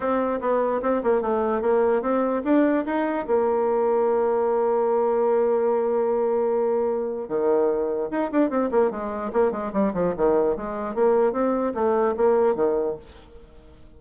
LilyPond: \new Staff \with { instrumentName = "bassoon" } { \time 4/4 \tempo 4 = 148 c'4 b4 c'8 ais8 a4 | ais4 c'4 d'4 dis'4 | ais1~ | ais1~ |
ais2 dis2 | dis'8 d'8 c'8 ais8 gis4 ais8 gis8 | g8 f8 dis4 gis4 ais4 | c'4 a4 ais4 dis4 | }